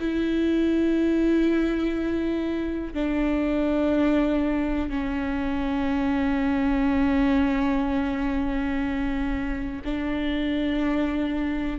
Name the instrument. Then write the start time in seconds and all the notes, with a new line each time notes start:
viola
0.00 E4
2.94 D4
4.90 C#4
9.85 D4